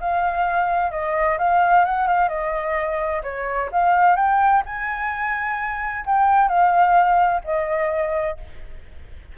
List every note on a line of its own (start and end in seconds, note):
0.00 0.91 F5
0.91 1.38 D#5
1.38 1.85 F5
1.85 2.08 F#5
2.08 2.29 F5
2.29 3.22 D#5
3.23 3.70 C#5
3.72 4.16 F5
4.16 4.63 G5
4.66 6.05 G#5
6.06 6.48 G5
6.48 7.41 F5
7.44 8.37 D#5